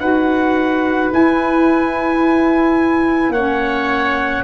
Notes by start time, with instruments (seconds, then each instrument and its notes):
0.00 tuba D#4, saxophone F#4, oboe B4, trumpet F#5
1.12 saxophone E4, tuba E4, trumpet G#5
3.30 tuba A#3, saxophone C#4, oboe C#5, trumpet F#5